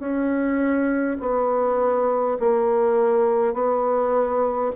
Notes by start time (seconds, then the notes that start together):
0.00 C#4
1.20 B3
2.40 A#3
3.54 B3